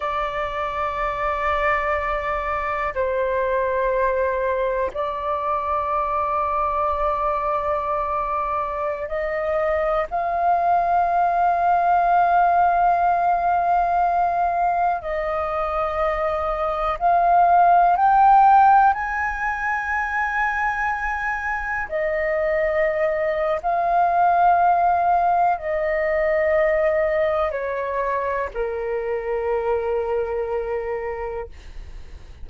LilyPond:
\new Staff \with { instrumentName = "flute" } { \time 4/4 \tempo 4 = 61 d''2. c''4~ | c''4 d''2.~ | d''4~ d''16 dis''4 f''4.~ f''16~ | f''2.~ f''16 dis''8.~ |
dis''4~ dis''16 f''4 g''4 gis''8.~ | gis''2~ gis''16 dis''4.~ dis''16 | f''2 dis''2 | cis''4 ais'2. | }